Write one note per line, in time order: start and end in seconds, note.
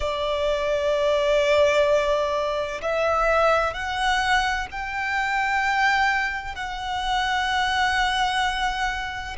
0.00 2.81 D5
2.81 3.73 E5
3.73 4.67 F#5
4.71 6.55 G5
6.55 9.36 F#5